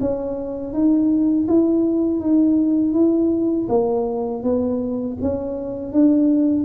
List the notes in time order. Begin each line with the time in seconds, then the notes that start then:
0.00 C#4
0.73 D#4
1.48 E4
2.20 D#4
2.93 E4
3.69 A#3
4.43 B3
5.22 C#4
5.92 D4